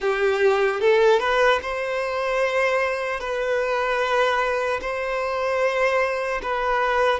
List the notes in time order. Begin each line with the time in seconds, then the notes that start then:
0.00 G4
0.80 A4
1.19 B4
1.62 C5
3.20 B4
4.81 C5
6.42 B4